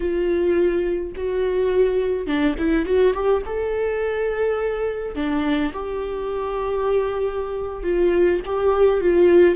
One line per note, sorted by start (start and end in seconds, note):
0.00 1.12 F4
1.16 2.26 F#4
2.26 2.55 D4
2.58 2.85 E4
2.85 3.13 F#4
3.13 3.42 G4
3.45 5.15 A4
5.15 5.72 D4
5.72 7.83 G4
7.83 8.40 F4
8.45 9.01 G4
9.01 9.55 F4